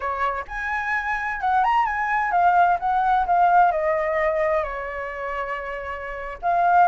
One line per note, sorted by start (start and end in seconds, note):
0.00 0.45 C#5
0.47 1.40 G#5
1.40 1.63 F#5
1.64 1.85 A#5
1.85 2.31 G#5
2.31 2.78 F5
2.79 3.26 F#5
3.26 3.71 F5
3.71 4.63 D#5
4.63 6.38 C#5
6.41 6.87 F5